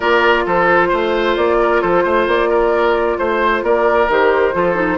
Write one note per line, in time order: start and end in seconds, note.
0.00 0.46 A#3
0.00 4.10 F4
0.00 0.43 A#4
0.00 0.46 D5
0.46 0.92 F3
0.46 0.88 A4
0.46 1.36 C5
0.88 1.36 A3
0.88 1.56 C5
1.36 1.82 A#3
1.36 1.81 D5
1.61 1.81 A#4
1.81 2.04 F3
1.81 2.03 A4
1.81 2.26 C5
2.03 2.26 A3
2.03 2.49 C5
2.26 3.17 A#3
2.26 3.18 D5
2.49 3.17 A#4
3.18 3.62 A3
3.18 3.64 C5
3.62 4.08 A#3
3.62 4.54 A#4
3.62 4.09 D5
4.08 4.54 D#3
4.08 4.53 G4
4.08 4.97 C5
4.53 4.97 F3
4.53 4.75 F4
4.53 4.97 A4
4.75 4.97 D#4